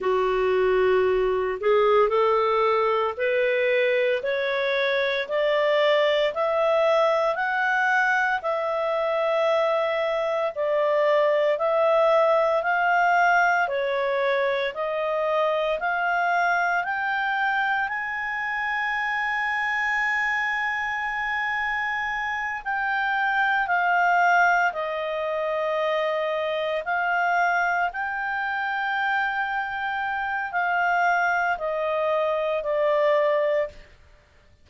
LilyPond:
\new Staff \with { instrumentName = "clarinet" } { \time 4/4 \tempo 4 = 57 fis'4. gis'8 a'4 b'4 | cis''4 d''4 e''4 fis''4 | e''2 d''4 e''4 | f''4 cis''4 dis''4 f''4 |
g''4 gis''2.~ | gis''4. g''4 f''4 dis''8~ | dis''4. f''4 g''4.~ | g''4 f''4 dis''4 d''4 | }